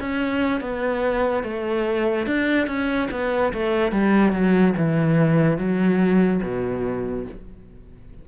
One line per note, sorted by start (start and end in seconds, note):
0.00 0.60 C#4
0.60 1.43 B3
1.43 2.26 A3
2.26 2.67 D4
2.67 3.08 C#4
3.11 3.52 B3
3.53 3.92 A3
3.92 4.32 G3
4.32 4.73 F#3
4.77 5.58 E3
5.58 6.41 F#3
6.42 7.26 B2